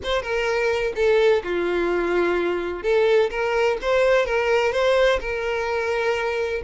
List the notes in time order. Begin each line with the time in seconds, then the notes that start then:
0.03 C5
0.22 A#4
0.95 A4
1.43 F4
2.82 A4
3.30 A#4
3.81 C5
4.25 A#4
4.72 C5
5.20 A#4